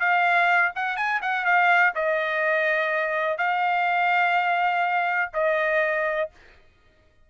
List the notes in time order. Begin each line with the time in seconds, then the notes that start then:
0.00 F5
0.76 F#5
0.97 G#5
1.22 F#5
1.45 F5
1.95 D#5
3.38 F5
5.34 D#5